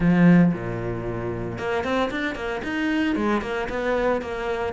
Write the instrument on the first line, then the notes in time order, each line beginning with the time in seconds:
cello
0.00 F3
0.53 A#2
1.58 A#3
1.83 C4
2.11 D4
2.35 A#3
2.63 D#4
3.15 G#3
3.41 A#3
3.69 B3
4.21 A#3